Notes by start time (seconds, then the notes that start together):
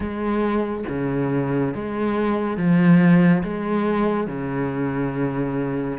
0.00 G#3
0.88 C#3
1.74 G#3
2.57 F3
3.43 G#3
4.27 C#3